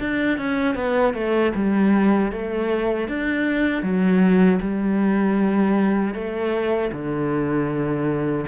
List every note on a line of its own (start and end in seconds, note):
0.00 0.38 D4
0.38 0.76 C#4
0.76 1.14 B3
1.14 1.53 A3
1.55 2.32 G3
2.32 3.08 A3
3.08 3.83 D4
3.83 4.59 F#3
4.60 6.14 G3
6.14 6.91 A3
6.92 8.46 D3